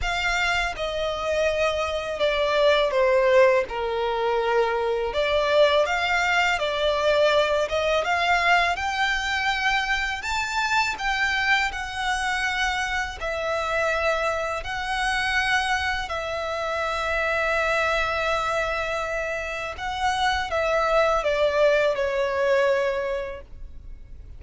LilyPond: \new Staff \with { instrumentName = "violin" } { \time 4/4 \tempo 4 = 82 f''4 dis''2 d''4 | c''4 ais'2 d''4 | f''4 d''4. dis''8 f''4 | g''2 a''4 g''4 |
fis''2 e''2 | fis''2 e''2~ | e''2. fis''4 | e''4 d''4 cis''2 | }